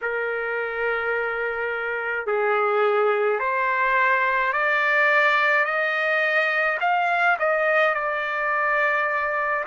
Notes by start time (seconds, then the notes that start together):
0.01 A#4
2.26 G#4
3.40 C5
4.52 D5
5.64 D#5
6.80 F5
7.39 D#5
7.94 D5